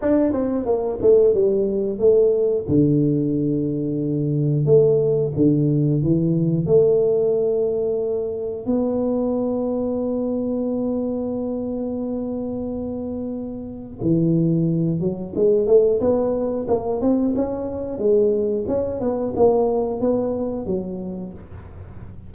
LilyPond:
\new Staff \with { instrumentName = "tuba" } { \time 4/4 \tempo 4 = 90 d'8 c'8 ais8 a8 g4 a4 | d2. a4 | d4 e4 a2~ | a4 b2.~ |
b1~ | b4 e4. fis8 gis8 a8 | b4 ais8 c'8 cis'4 gis4 | cis'8 b8 ais4 b4 fis4 | }